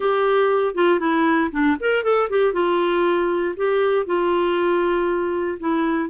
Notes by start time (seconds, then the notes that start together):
0.00 G4
0.75 F4
0.99 E4
1.51 D4
1.79 A#4
2.03 A4
2.29 G4
2.53 F4
3.56 G4
4.05 F4
5.59 E4